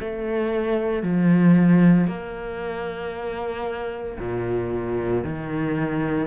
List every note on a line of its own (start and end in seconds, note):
0.00 1.03 A3
1.03 2.07 F3
2.07 4.18 A#3
4.19 5.24 A#2
5.24 6.27 D#3